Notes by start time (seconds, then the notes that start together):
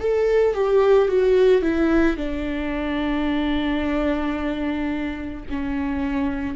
0.00 A4
0.55 G4
1.08 F#4
1.62 E4
2.17 D4
5.49 C#4